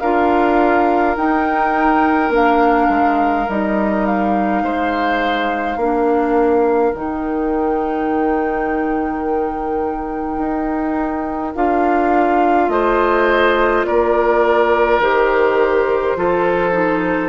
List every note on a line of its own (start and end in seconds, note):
0.00 1.17 D4
0.00 1.17 F4
0.00 4.62 A#4
0.00 1.15 F5
1.17 2.30 D#4
1.17 2.31 D#4
1.17 2.32 G5
2.30 2.87 A#3
2.30 3.46 D4
2.30 3.50 F5
2.89 3.47 G#3
3.48 4.62 G3
3.48 5.79 D#4
3.48 4.06 D#5
4.06 6.94 F5
4.62 5.76 G#3
4.62 5.78 C5
5.76 6.92 A#3
5.76 6.94 D4
5.76 12.70 A#4
6.94 10.38 D#3
6.94 11.56 D#4
6.94 11.56 G5
10.38 11.53 D#4
11.56 12.69 D4
11.56 15.02 F4
11.56 12.69 F5
12.69 13.84 A3
12.69 13.87 C5
12.69 13.85 D#5
13.85 15.00 A#3
13.85 16.17 A#4
13.85 15.01 D5
15.00 16.15 D#3
15.00 16.17 G4
15.00 17.29 C5
16.16 17.29 F3
16.16 16.73 F4
16.16 17.29 A4
16.73 17.29 D#4